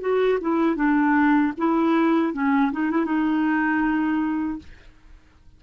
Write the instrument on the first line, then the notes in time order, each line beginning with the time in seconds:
clarinet
0.00 F#4
0.41 E4
0.75 D4
1.57 E4
2.33 C#4
2.71 D#4
2.91 E4
3.05 D#4